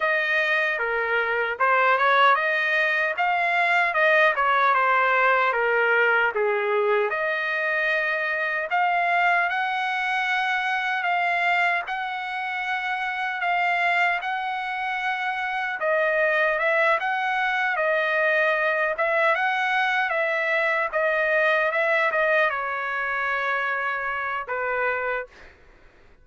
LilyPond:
\new Staff \with { instrumentName = "trumpet" } { \time 4/4 \tempo 4 = 76 dis''4 ais'4 c''8 cis''8 dis''4 | f''4 dis''8 cis''8 c''4 ais'4 | gis'4 dis''2 f''4 | fis''2 f''4 fis''4~ |
fis''4 f''4 fis''2 | dis''4 e''8 fis''4 dis''4. | e''8 fis''4 e''4 dis''4 e''8 | dis''8 cis''2~ cis''8 b'4 | }